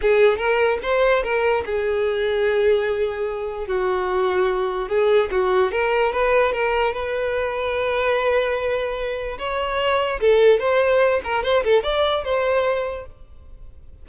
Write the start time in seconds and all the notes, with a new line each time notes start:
0.01 G#4
0.37 A#4
0.82 C5
1.23 A#4
1.65 G#4
3.67 F#4
4.88 G#4
5.31 F#4
5.71 A#4
6.12 B4
6.52 A#4
6.93 B4
9.38 C#5
10.20 A4
10.59 C5
11.24 A#4
11.43 C5
11.63 A4
11.83 D5
12.24 C5